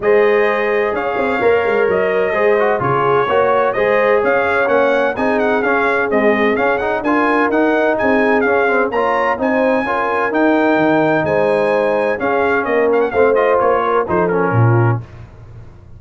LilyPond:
<<
  \new Staff \with { instrumentName = "trumpet" } { \time 4/4 \tempo 4 = 128 dis''2 f''2 | dis''2 cis''2 | dis''4 f''4 fis''4 gis''8 fis''8 | f''4 dis''4 f''8 fis''8 gis''4 |
fis''4 gis''4 f''4 ais''4 | gis''2 g''2 | gis''2 f''4 dis''8 f''16 fis''16 | f''8 dis''8 cis''4 c''8 ais'4. | }
  \new Staff \with { instrumentName = "horn" } { \time 4/4 c''2 cis''2~ | cis''4 c''4 gis'4 cis''4 | c''4 cis''2 gis'4~ | gis'2. ais'4~ |
ais'4 gis'2 cis''4 | c''4 ais'2. | c''2 gis'4 ais'4 | c''4. ais'8 a'4 f'4 | }
  \new Staff \with { instrumentName = "trombone" } { \time 4/4 gis'2. ais'4~ | ais'4 gis'8 fis'8 f'4 fis'4 | gis'2 cis'4 dis'4 | cis'4 gis4 cis'8 dis'8 f'4 |
dis'2 cis'8 c'8 f'4 | dis'4 f'4 dis'2~ | dis'2 cis'2 | c'8 f'4. dis'8 cis'4. | }
  \new Staff \with { instrumentName = "tuba" } { \time 4/4 gis2 cis'8 c'8 ais8 gis8 | fis4 gis4 cis4 ais4 | gis4 cis'4 ais4 c'4 | cis'4 c'4 cis'4 d'4 |
dis'4 c'4 cis'4 ais4 | c'4 cis'4 dis'4 dis4 | gis2 cis'4 ais4 | a4 ais4 f4 ais,4 | }
>>